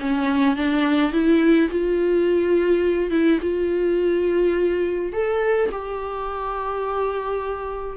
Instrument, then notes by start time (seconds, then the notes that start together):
viola
0.00 C#4
0.56 D4
1.12 E4
1.70 F4
3.11 E4
3.41 F4
5.13 A4
5.72 G4